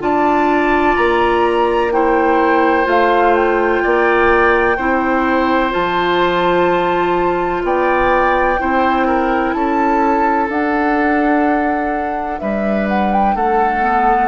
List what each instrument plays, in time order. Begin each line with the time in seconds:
0.00 bassoon D4, clarinet F4, oboe D5, flute A5
0.96 bassoon A#3, flute A#5
1.92 clarinet E4, oboe C5, flute G5
2.85 bassoon A3, clarinet F4, flute F5
3.35 flute G5
3.83 bassoon A#3, oboe D5
4.77 bassoon C4, clarinet E4, oboe C5
5.71 bassoon F3, clarinet F4, flute A5
7.63 bassoon B3, oboe D5, flute G5
8.59 bassoon C4, clarinet E4, oboe C5
9.07 oboe A#4
9.53 bassoon C#4, oboe A4, flute A5
10.49 clarinet D4, bassoon D4, flute F#5
12.40 bassoon G3, oboe B4, flute E5
12.88 flute F#5
13.12 flute G5
13.36 bassoon A3, oboe A4, flute F#5
13.81 clarinet B3